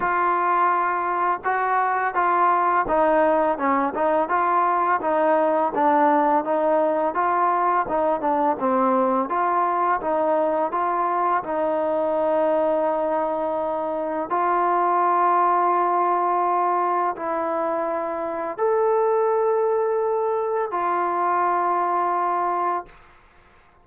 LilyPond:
\new Staff \with { instrumentName = "trombone" } { \time 4/4 \tempo 4 = 84 f'2 fis'4 f'4 | dis'4 cis'8 dis'8 f'4 dis'4 | d'4 dis'4 f'4 dis'8 d'8 | c'4 f'4 dis'4 f'4 |
dis'1 | f'1 | e'2 a'2~ | a'4 f'2. | }